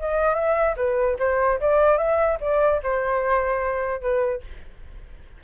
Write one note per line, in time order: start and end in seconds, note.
0.00 0.35 D#5
0.35 0.76 E5
0.77 1.18 B4
1.20 1.60 C5
1.61 1.98 D5
1.98 2.39 E5
2.41 2.82 D5
2.83 4.01 C5
4.01 4.42 B4